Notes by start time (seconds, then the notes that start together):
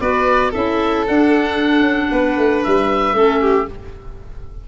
0.00 B3 F#4 B4 D5
0.50 C#4 E4 A4 E5
1.07 D4 F#5
1.80 C#4
2.11 B3 B4
2.37 A3
2.64 G3 E5
3.13 A3 C#4 A4
3.41 G4